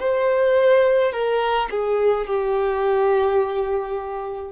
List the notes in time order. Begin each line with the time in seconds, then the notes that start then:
0.00 C5
1.13 A#4
1.71 G#4
2.27 G4